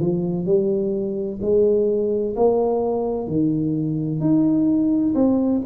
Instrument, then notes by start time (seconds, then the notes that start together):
tuba
0.00 F3
0.45 G3
1.41 G#3
2.36 A#3
3.27 D#3
4.20 D#4
5.15 C4